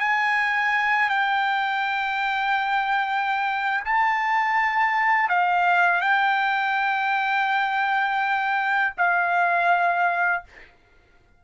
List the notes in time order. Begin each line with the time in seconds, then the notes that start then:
0.00 G#5
1.09 G5
3.84 A5
5.29 F5
6.01 G5
8.97 F5